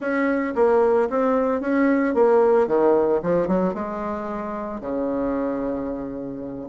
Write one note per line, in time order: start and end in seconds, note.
0.00 0.54 C#4
0.55 1.09 A#3
1.09 1.60 C4
1.60 2.14 C#4
2.14 2.67 A#3
2.67 3.20 D#3
3.22 3.47 F3
3.47 3.74 F#3
3.74 4.80 G#3
4.80 6.68 C#3